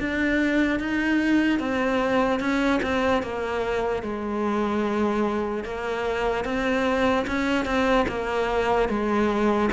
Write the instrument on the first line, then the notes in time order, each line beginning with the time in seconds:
cello
0.00 D4
0.80 D#4
1.60 C4
2.40 C#4
2.83 C4
3.23 A#3
4.03 G#3
5.65 A#3
6.45 C4
7.28 C#4
7.65 C4
8.09 A#3
8.89 G#3